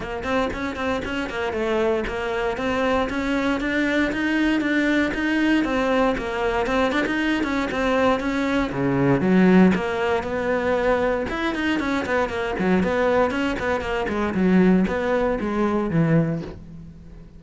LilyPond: \new Staff \with { instrumentName = "cello" } { \time 4/4 \tempo 4 = 117 ais8 c'8 cis'8 c'8 cis'8 ais8 a4 | ais4 c'4 cis'4 d'4 | dis'4 d'4 dis'4 c'4 | ais4 c'8 d'16 dis'8. cis'8 c'4 |
cis'4 cis4 fis4 ais4 | b2 e'8 dis'8 cis'8 b8 | ais8 fis8 b4 cis'8 b8 ais8 gis8 | fis4 b4 gis4 e4 | }